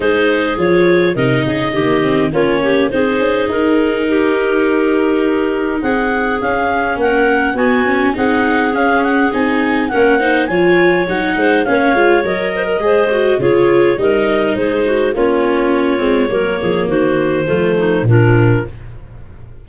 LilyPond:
<<
  \new Staff \with { instrumentName = "clarinet" } { \time 4/4 \tempo 4 = 103 c''4 cis''4 dis''2 | cis''4 c''4 ais'2~ | ais'2 fis''4 f''4 | fis''4 gis''4 fis''4 f''8 fis''8 |
gis''4 fis''4 gis''4 fis''4 | f''4 dis''2 cis''4 | dis''4 c''4 cis''2~ | cis''4 c''2 ais'4 | }
  \new Staff \with { instrumentName = "clarinet" } { \time 4/4 gis'2 ais'8 gis'8 g'4 | f'8 g'8 gis'2 g'4~ | g'2 gis'2 | ais'4 fis'4 gis'2~ |
gis'4 ais'8 c''8 cis''4. c''8 | cis''4. c''16 ais'16 c''4 gis'4 | ais'4 gis'8 fis'8 f'2 | ais'8 gis'8 fis'4 f'8 dis'8 d'4 | }
  \new Staff \with { instrumentName = "viola" } { \time 4/4 dis'4 f'4 dis'4 ais8 c'8 | cis'4 dis'2.~ | dis'2. cis'4~ | cis'4 b8 cis'8 dis'4 cis'4 |
dis'4 cis'8 dis'8 f'4 dis'4 | cis'8 f'8 ais'4 gis'8 fis'8 f'4 | dis'2 cis'4. c'8 | ais2 a4 f4 | }
  \new Staff \with { instrumentName = "tuba" } { \time 4/4 gis4 f4 c8 cis8 dis4 | ais4 c'8 cis'8 dis'2~ | dis'2 c'4 cis'4 | ais4 b4 c'4 cis'4 |
c'4 ais4 f4 fis8 gis8 | ais8 gis8 fis4 gis4 cis4 | g4 gis4 ais4. gis8 | fis8 f8 dis4 f4 ais,4 | }
>>